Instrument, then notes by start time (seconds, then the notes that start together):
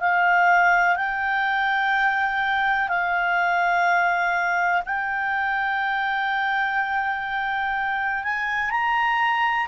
clarinet
0.00 F5
0.96 G5
2.88 F5
4.85 G5
8.23 G#5
8.71 A#5